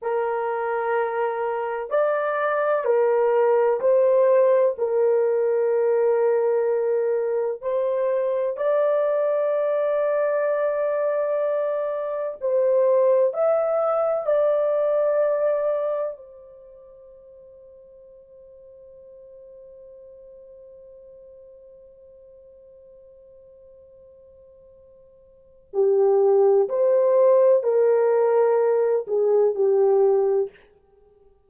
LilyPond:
\new Staff \with { instrumentName = "horn" } { \time 4/4 \tempo 4 = 63 ais'2 d''4 ais'4 | c''4 ais'2. | c''4 d''2.~ | d''4 c''4 e''4 d''4~ |
d''4 c''2.~ | c''1~ | c''2. g'4 | c''4 ais'4. gis'8 g'4 | }